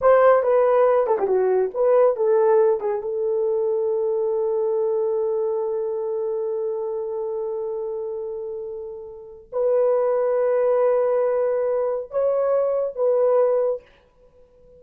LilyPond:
\new Staff \with { instrumentName = "horn" } { \time 4/4 \tempo 4 = 139 c''4 b'4. a'16 g'16 fis'4 | b'4 a'4. gis'8 a'4~ | a'1~ | a'1~ |
a'1~ | a'2 b'2~ | b'1 | cis''2 b'2 | }